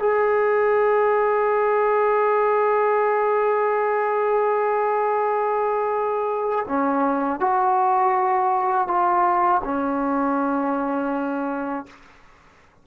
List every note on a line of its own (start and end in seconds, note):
0.00 6.67 G#4
6.69 7.40 C#4
7.40 8.88 F#4
8.88 9.62 F4
9.65 11.87 C#4